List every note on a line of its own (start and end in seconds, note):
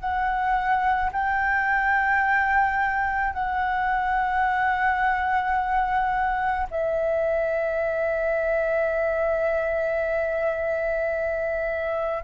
0.00 1.11 F#5
1.12 3.33 G5
3.33 6.67 F#5
6.71 12.24 E5